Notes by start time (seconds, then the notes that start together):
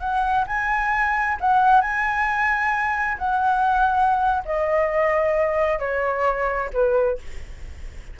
0.00 F#5
0.47 G#5
1.40 F#5
1.82 G#5
3.18 F#5
4.45 D#5
5.79 C#5
6.73 B4